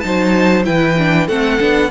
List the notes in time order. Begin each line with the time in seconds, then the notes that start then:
0.00 F#3 D#4 C5 A5
0.64 E3 E4 B4 G5
0.98 D4
1.27 A3 C4 A4 F#5
1.59 B3 D4